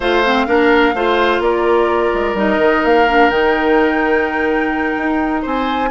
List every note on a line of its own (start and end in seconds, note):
0.00 0.46 A3
0.00 0.24 F4
0.00 0.46 C5
0.00 1.42 F5
0.25 0.47 C4
0.47 0.94 A#3
0.47 0.94 D4
0.47 0.94 A#4
0.94 1.39 A3
0.94 2.36 F4
0.94 1.42 C5
1.39 2.10 A#3
1.39 5.42 A#4
1.39 2.36 D5
2.14 2.33 G#3
2.33 2.57 G3
2.33 3.07 D#4
2.33 2.84 D#5
2.57 2.81 D#3
2.84 3.30 A#3
2.84 3.29 F5
3.08 3.31 D4
3.29 4.95 D#3
3.29 5.90 D#4
3.29 5.42 G5
4.97 5.45 D#4
5.42 5.90 C4
5.42 5.89 C5
5.42 5.90 G#5